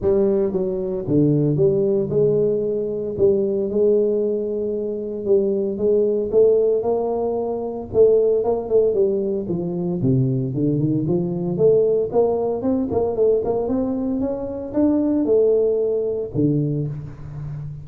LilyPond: \new Staff \with { instrumentName = "tuba" } { \time 4/4 \tempo 4 = 114 g4 fis4 d4 g4 | gis2 g4 gis4~ | gis2 g4 gis4 | a4 ais2 a4 |
ais8 a8 g4 f4 c4 | d8 dis8 f4 a4 ais4 | c'8 ais8 a8 ais8 c'4 cis'4 | d'4 a2 d4 | }